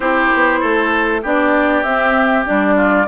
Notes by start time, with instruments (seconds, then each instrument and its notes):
0.00 bassoon C4, clarinet E4, oboe G4, flute C5
0.34 bassoon B3
0.60 bassoon A3, oboe A4
1.22 bassoon B3, clarinet D4, oboe G4, flute D5
1.83 bassoon C4, clarinet C4, flute E5
2.45 bassoon G3, clarinet D4, flute D5
2.76 oboe F4